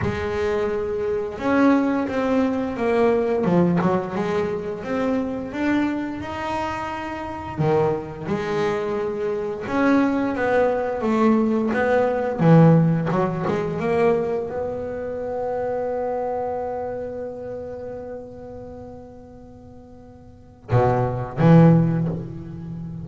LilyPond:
\new Staff \with { instrumentName = "double bass" } { \time 4/4 \tempo 4 = 87 gis2 cis'4 c'4 | ais4 f8 fis8 gis4 c'4 | d'4 dis'2 dis4 | gis2 cis'4 b4 |
a4 b4 e4 fis8 gis8 | ais4 b2.~ | b1~ | b2 b,4 e4 | }